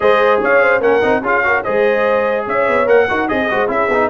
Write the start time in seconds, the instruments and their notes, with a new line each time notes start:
0.00 tuba G#3, trombone G#4, horn C5, trumpet D#5
0.41 tuba C#4, horn C#5, trumpet F5
0.61 horn C5
0.80 tuba A#3, trombone C#4, horn A#4, trumpet F#5
1.01 tuba C4, trombone D#4
1.22 tuba C#4, trombone F4, horn G#4, trumpet F5
1.44 trombone F#4, horn A#4
1.63 tuba G#3, trombone G#4, horn C5, trumpet D#5
2.45 tuba C#4, horn C#5, trumpet E5
2.68 tuba B3
2.86 tuba A#3, trombone A#4, trumpet F#5
3.08 tuba D#4, trombone F#4, horn A#4
3.28 tuba C4, trombone G#4, horn G#4, trumpet D#5
3.49 tuba G#3, trombone F#4, horn C5
3.67 tuba C#4, trombone E4, horn G#4, trumpet E5
3.88 tuba B3, trombone D#4